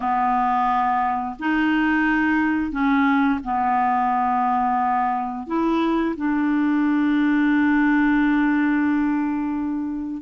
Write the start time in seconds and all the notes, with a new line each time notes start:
0.00 B3
1.39 D#4
2.71 C#4
3.44 B3
5.46 E4
6.16 D4